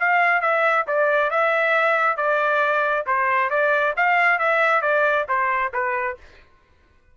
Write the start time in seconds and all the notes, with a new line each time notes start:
0.00 F5
0.42 E5
0.88 D5
1.31 E5
2.17 D5
3.07 C5
3.50 D5
3.97 F5
4.39 E5
4.82 D5
5.29 C5
5.74 B4